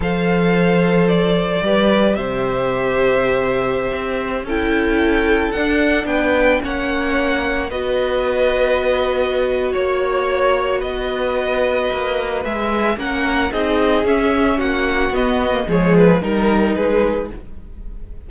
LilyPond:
<<
  \new Staff \with { instrumentName = "violin" } { \time 4/4 \tempo 4 = 111 f''2 d''2 | e''1~ | e''16 g''2 fis''4 g''8.~ | g''16 fis''2 dis''4.~ dis''16~ |
dis''2 cis''2 | dis''2. e''4 | fis''4 dis''4 e''4 fis''4 | dis''4 cis''8 b'8 ais'4 b'4 | }
  \new Staff \with { instrumentName = "violin" } { \time 4/4 c''2. b'4 | c''1~ | c''16 a'2. b'8.~ | b'16 cis''2 b'4.~ b'16~ |
b'2 cis''2 | b'1 | ais'4 gis'2 fis'4~ | fis'4 gis'4 ais'4 gis'4 | }
  \new Staff \with { instrumentName = "viola" } { \time 4/4 a'2. g'4~ | g'1~ | g'16 e'2 d'4.~ d'16~ | d'16 cis'2 fis'4.~ fis'16~ |
fis'1~ | fis'2. gis'4 | cis'4 dis'4 cis'2 | b8. ais16 gis4 dis'2 | }
  \new Staff \with { instrumentName = "cello" } { \time 4/4 f2. g4 | c2.~ c16 c'8.~ | c'16 cis'2 d'4 b8.~ | b16 ais2 b4.~ b16~ |
b2 ais2 | b2 ais4 gis4 | ais4 c'4 cis'4 ais4 | b4 f4 g4 gis4 | }
>>